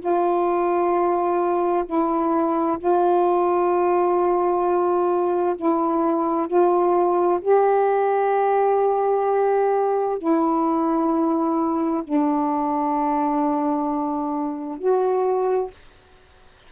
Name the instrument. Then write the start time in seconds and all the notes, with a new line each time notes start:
saxophone
0.00 F4
1.86 E4
2.79 F4
5.56 E4
6.48 F4
7.42 G4
10.19 E4
12.05 D4
14.79 F#4